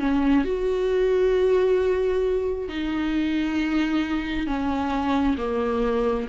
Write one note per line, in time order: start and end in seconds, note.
0.00 0.45 C#4
0.45 2.69 F#4
2.69 4.47 D#4
4.47 5.36 C#4
5.38 6.28 A#3